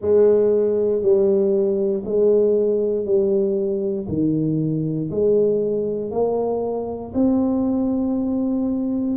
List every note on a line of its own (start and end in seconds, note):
0.00 1.02 G#3
1.02 2.03 G3
2.05 3.05 G#3
3.05 4.07 G3
4.08 5.09 D#3
5.10 6.11 G#3
6.11 7.12 A#3
7.14 9.17 C4